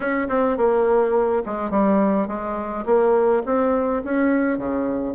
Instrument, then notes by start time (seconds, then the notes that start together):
bassoon
0.00 C#4
0.29 C4
0.57 A#3
1.45 G#3
1.70 G3
2.27 G#3
2.85 A#3
3.45 C4
4.04 C#4
4.57 C#3